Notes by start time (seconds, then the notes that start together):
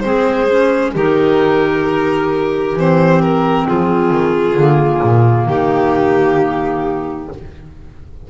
0.00 G#3 C4 G#4 C5
0.50 C#4
0.94 D#3 D#4 G4 A#4
2.74 E3 C4 C5
3.22 A#4
3.66 F3 F4 G#4
4.10 D#3
4.55 D3 A#3
5.03 A#2
5.46 D#3 D#4 G4